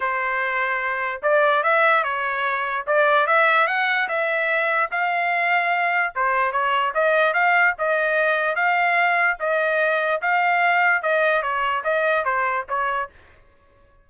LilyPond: \new Staff \with { instrumentName = "trumpet" } { \time 4/4 \tempo 4 = 147 c''2. d''4 | e''4 cis''2 d''4 | e''4 fis''4 e''2 | f''2. c''4 |
cis''4 dis''4 f''4 dis''4~ | dis''4 f''2 dis''4~ | dis''4 f''2 dis''4 | cis''4 dis''4 c''4 cis''4 | }